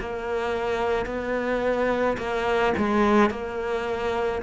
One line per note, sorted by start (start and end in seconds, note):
0.00 1.06 A#3
1.06 2.17 B3
2.18 2.73 A#3
2.78 3.30 G#3
3.30 4.41 A#3